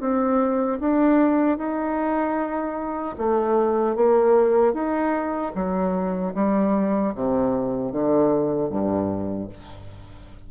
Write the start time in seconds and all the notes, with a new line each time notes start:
0.00 C4
0.80 D4
1.58 D#4
3.18 A3
3.95 A#3
4.73 D#4
5.55 F#3
6.34 G3
7.15 C3
7.92 D3
8.69 G2